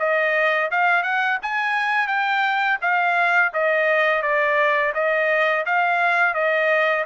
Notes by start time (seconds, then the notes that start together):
0.00 D#5
0.72 F5
1.04 F#5
1.43 G#5
2.08 G5
2.82 F5
3.54 D#5
4.23 D5
4.95 D#5
5.67 F5
6.35 D#5